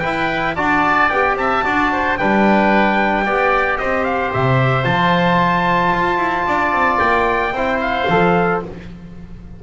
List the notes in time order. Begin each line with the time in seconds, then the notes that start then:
0.00 E4 B4 G5
0.56 D4 F#4 D5 A5
1.10 B3 G4 G5
1.35 C4 E5 A5
1.65 D4 F#4 D5
1.92 C5
2.18 G3 D4 B4 G5
3.26 B3 G4 D5
3.78 C4 C5 D#5
4.05 F5
4.33 C3 E5
4.84 F3 F4 A5
5.94 F4
6.18 E4
6.47 D4 D5
6.73 C4
6.99 A#3 G5
7.53 C4 E4 C5
7.81 F5
8.09 F3 A4